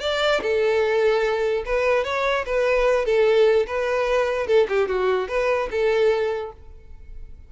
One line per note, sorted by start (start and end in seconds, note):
0.00 0.41 D5
0.42 1.64 A4
1.65 2.04 B4
2.04 2.45 C#5
2.46 3.05 B4
3.05 3.66 A4
3.67 4.47 B4
4.47 4.67 A4
4.69 4.88 G4
4.88 5.28 F#4
5.28 5.69 B4
5.71 6.52 A4